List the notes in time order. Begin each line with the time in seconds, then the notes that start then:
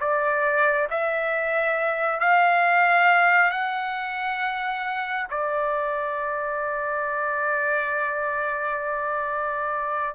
0.00 D5
0.91 E5
2.20 F5
3.51 F#5
5.30 D5